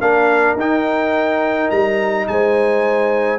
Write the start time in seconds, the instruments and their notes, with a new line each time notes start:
0.00 tuba A#3, trombone D4, horn A#4, trumpet F5
0.55 tuba D#4, trombone D#4, trumpet G5
1.70 tuba G3, trumpet A#5
2.27 tuba G#3, horn C5, trumpet G#5